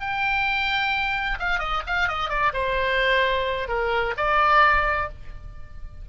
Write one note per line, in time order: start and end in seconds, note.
0.00 1.38 G5
1.39 1.59 F5
1.59 1.82 D#5
1.87 2.08 F5
2.08 2.29 D#5
2.29 2.52 D5
2.53 3.68 C5
3.68 4.14 A#4
4.17 5.09 D5